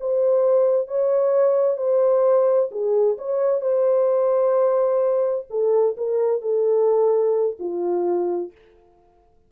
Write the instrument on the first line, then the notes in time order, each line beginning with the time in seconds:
horn
0.00 C5
0.88 C#5
1.77 C5
2.71 G#4
3.18 C#5
3.61 C5
5.50 A4
5.97 A#4
6.42 A4
7.59 F4